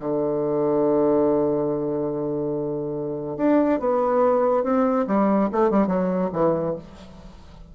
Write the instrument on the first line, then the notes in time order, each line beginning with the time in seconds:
bassoon
0.00 D3
3.37 D4
3.80 B3
4.63 C4
5.07 G3
5.52 A3
5.70 G3
5.87 F#3
6.33 E3